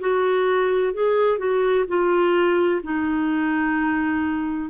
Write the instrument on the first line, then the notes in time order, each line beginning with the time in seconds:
clarinet
0.00 F#4
0.94 G#4
1.38 F#4
1.88 F4
2.83 D#4